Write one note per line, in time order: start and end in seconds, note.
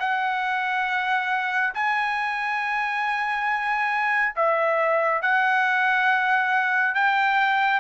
0.00 1.74 F#5
1.74 4.35 G#5
4.36 5.22 E5
5.22 6.95 F#5
6.95 7.81 G5